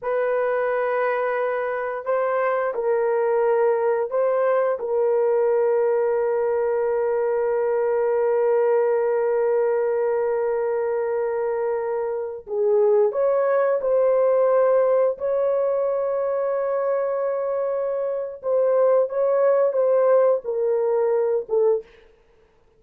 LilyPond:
\new Staff \with { instrumentName = "horn" } { \time 4/4 \tempo 4 = 88 b'2. c''4 | ais'2 c''4 ais'4~ | ais'1~ | ais'1~ |
ais'2~ ais'16 gis'4 cis''8.~ | cis''16 c''2 cis''4.~ cis''16~ | cis''2. c''4 | cis''4 c''4 ais'4. a'8 | }